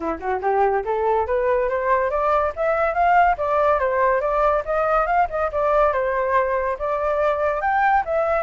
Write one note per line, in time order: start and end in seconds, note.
0.00 0.19 E4
0.19 0.40 F#4
0.41 0.84 G4
0.85 1.26 A4
1.26 1.69 B4
1.69 2.10 C5
2.10 2.52 D5
2.55 2.94 E5
2.94 3.36 F5
3.37 3.79 D5
3.79 4.20 C5
4.20 4.63 D5
4.65 5.06 D#5
5.06 5.27 F5
5.29 5.50 D#5
5.51 5.93 D5
5.93 6.77 C5
6.78 7.61 D5
7.61 8.03 G5
8.05 8.42 E5